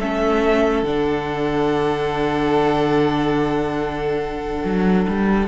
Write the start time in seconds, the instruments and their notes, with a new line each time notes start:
0.00 cello A3, viola C#4, violin A4 E5
0.83 cello D3, viola D4, violin F#5
4.65 cello F#3
5.09 cello G3